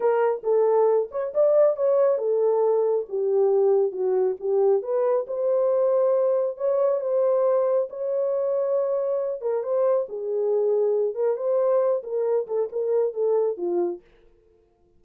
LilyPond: \new Staff \with { instrumentName = "horn" } { \time 4/4 \tempo 4 = 137 ais'4 a'4. cis''8 d''4 | cis''4 a'2 g'4~ | g'4 fis'4 g'4 b'4 | c''2. cis''4 |
c''2 cis''2~ | cis''4. ais'8 c''4 gis'4~ | gis'4. ais'8 c''4. ais'8~ | ais'8 a'8 ais'4 a'4 f'4 | }